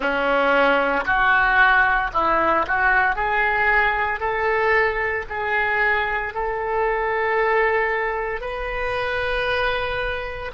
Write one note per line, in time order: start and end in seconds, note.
0.00 1.04 C#4
1.05 2.11 F#4
2.13 2.66 E4
2.67 3.15 F#4
3.15 4.20 G#4
4.20 5.25 A4
5.29 6.33 G#4
6.33 8.41 A4
8.41 10.51 B4